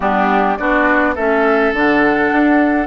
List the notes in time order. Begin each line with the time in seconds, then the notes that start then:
0.00 G3 B3 D4 G4
0.56 B3 D4 F#4 D5
1.15 A3 C#4 A4 E5
1.73 D3 D4 F#5
2.31 D4